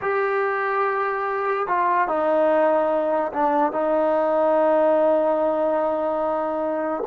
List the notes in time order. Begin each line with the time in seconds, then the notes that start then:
0.01 G4
1.67 F4
2.07 D#4
3.32 D4
3.72 D#4